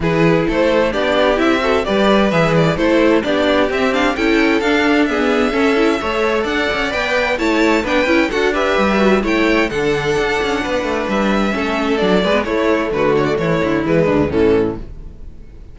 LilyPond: <<
  \new Staff \with { instrumentName = "violin" } { \time 4/4 \tempo 4 = 130 b'4 c''4 d''4 e''4 | d''4 e''8 d''8 c''4 d''4 | e''8 f''8 g''4 f''4 e''4~ | e''2 fis''4 g''4 |
a''4 g''4 fis''8 e''4. | g''4 fis''2. | e''2 d''4 cis''4 | b'8 cis''16 d''16 cis''4 b'4 a'4 | }
  \new Staff \with { instrumentName = "violin" } { \time 4/4 gis'4 a'4 g'4. a'8 | b'2 a'4 g'4~ | g'4 a'2 gis'4 | a'4 cis''4 d''2 |
cis''4 b'4 a'8 b'4. | cis''4 a'2 b'4~ | b'4 a'4. b'8 e'4 | fis'4 e'4. d'8 cis'4 | }
  \new Staff \with { instrumentName = "viola" } { \time 4/4 e'2 d'4 e'8 fis'8 | g'4 gis'4 e'4 d'4 | c'8 d'8 e'4 d'4 b4 | cis'8 e'8 a'2 b'4 |
e'4 d'8 e'8 fis'8 g'4 fis'8 | e'4 d'2.~ | d'4 cis'4 d'8 gis'16 b16 a4~ | a2 gis4 e4 | }
  \new Staff \with { instrumentName = "cello" } { \time 4/4 e4 a4 b4 c'4 | g4 e4 a4 b4 | c'4 cis'4 d'2 | cis'4 a4 d'8 cis'8 b4 |
a4 b8 cis'8 d'4 g4 | a4 d4 d'8 cis'8 b8 a8 | g4 a4 fis8 gis8 a4 | d4 e8 d8 e8 d,8 a,4 | }
>>